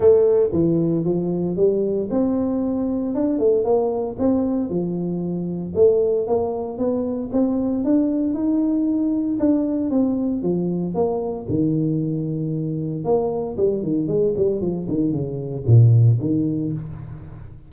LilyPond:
\new Staff \with { instrumentName = "tuba" } { \time 4/4 \tempo 4 = 115 a4 e4 f4 g4 | c'2 d'8 a8 ais4 | c'4 f2 a4 | ais4 b4 c'4 d'4 |
dis'2 d'4 c'4 | f4 ais4 dis2~ | dis4 ais4 g8 dis8 gis8 g8 | f8 dis8 cis4 ais,4 dis4 | }